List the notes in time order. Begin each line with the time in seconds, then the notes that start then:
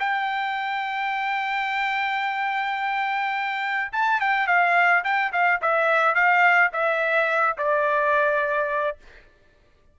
0.00 G5
3.93 A5
4.21 G5
4.48 F5
5.04 G5
5.33 F5
5.62 E5
6.15 F5
6.73 E5
7.58 D5